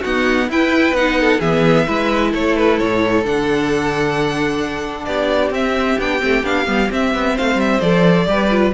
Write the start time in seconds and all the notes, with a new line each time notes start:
0.00 B3 D#4 F#4 F#5
0.49 E4 B4 G5
0.92 B3 D#4 F#5
1.20 A4
1.39 E3 B3 G#4 E5
1.87 G#3 E4 B4
2.31 A3 A4 C#5
2.57 B4
2.79 A2 C#5
3.25 D3 D4 F#5
5.05 B3 G4 D5
5.51 C4 E5
5.99 B3 D4 G5
6.20 A3 C4
6.44 B3 D4 F5
6.66 G3 B3
6.91 C4 E5
7.15 B3
7.35 A3 C5 F5
7.55 G3 E5
7.81 F3 A4 D5
8.26 G3 G4 B4
8.51 F4